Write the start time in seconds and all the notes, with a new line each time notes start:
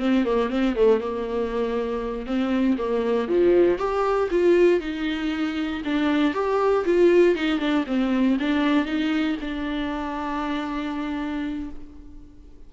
0.00 C4
0.25 A#3
0.50 C4
0.76 A3
1.01 A#3
2.27 C4
2.78 A#3
3.29 F3
3.79 G4
4.31 F4
4.81 D#4
5.85 D4
6.34 G4
6.86 F4
7.36 D#4
7.59 D4
7.87 C4
8.40 D4
8.86 D#4
9.41 D4